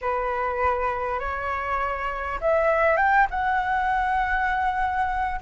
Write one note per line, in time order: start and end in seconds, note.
0.01 1.19 B4
1.19 2.39 C#5
2.40 2.96 E5
2.96 3.26 G5
3.30 5.40 F#5